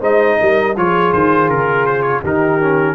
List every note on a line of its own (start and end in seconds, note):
0.00 0.37 G#3
0.00 0.74 D#4
0.00 0.37 C5
0.00 0.76 D#5
0.40 0.76 G3
0.40 0.77 A#4
0.76 1.13 F3
0.76 2.23 F4
0.76 2.21 G#4
0.76 1.12 C#5
1.12 1.49 D#3
1.12 1.49 C5
1.49 2.23 C#3
1.49 1.86 A#4
1.86 2.02 C5
2.02 2.20 C#5
2.21 2.95 D#3
2.21 2.61 D#4
2.21 2.95 G4
2.21 2.95 A#4
2.61 2.95 C#4